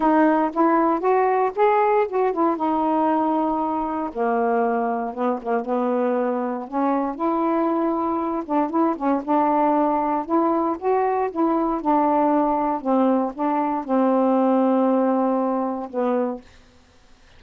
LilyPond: \new Staff \with { instrumentName = "saxophone" } { \time 4/4 \tempo 4 = 117 dis'4 e'4 fis'4 gis'4 | fis'8 e'8 dis'2. | ais2 b8 ais8 b4~ | b4 cis'4 e'2~ |
e'8 d'8 e'8 cis'8 d'2 | e'4 fis'4 e'4 d'4~ | d'4 c'4 d'4 c'4~ | c'2. b4 | }